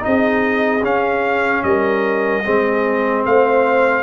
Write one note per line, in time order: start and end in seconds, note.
0.00 0.80 D#4
0.00 1.65 G#4
0.00 0.85 D#5
0.06 0.83 C4
0.83 1.63 C#4
0.83 2.44 C#4
0.83 1.64 F5
1.64 2.44 G3
1.64 2.45 A#4
1.64 3.24 D#5
2.45 3.26 G#3
2.45 4.03 C4
2.45 3.24 G#4
3.24 4.03 A3
3.24 4.03 C5
3.24 4.03 F5